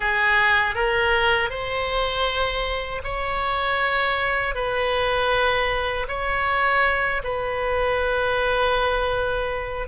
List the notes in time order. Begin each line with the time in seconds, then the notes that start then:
0.00 G#4
0.74 A#4
1.50 C5
3.03 C#5
4.54 B4
6.08 C#5
7.23 B4